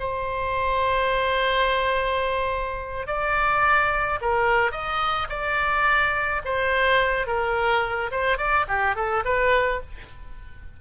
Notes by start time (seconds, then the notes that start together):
0.00 C5
3.07 D5
4.22 A#4
4.72 D#5
5.30 D5
6.45 C5
7.27 A#4
8.12 C5
8.38 D5
8.69 G4
8.96 A4
9.25 B4